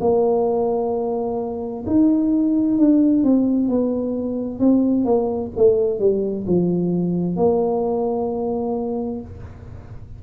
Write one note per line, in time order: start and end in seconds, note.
0.00 1.85 A#3
1.86 2.77 D#4
2.77 3.23 D4
3.23 3.68 C4
3.68 4.59 B3
4.59 5.04 C4
5.04 5.50 A#3
5.56 5.99 A3
5.99 6.45 G3
6.46 7.36 F3
7.36 9.21 A#3